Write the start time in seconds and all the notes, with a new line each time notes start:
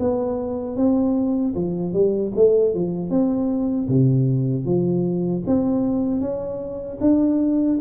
0.00 B3
0.77 C4
1.55 F3
1.94 G3
2.36 A3
2.75 F3
3.11 C4
3.89 C3
4.66 F3
5.47 C4
6.21 C#4
7.01 D4